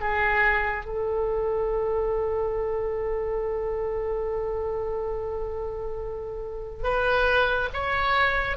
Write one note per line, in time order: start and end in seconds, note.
0.00 0.85 G#4
0.85 6.83 A4
6.83 7.69 B4
7.73 8.57 C#5